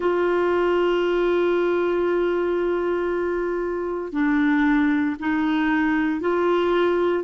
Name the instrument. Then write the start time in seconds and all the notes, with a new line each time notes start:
clarinet
0.00 F4
4.12 D4
5.20 D#4
6.20 F4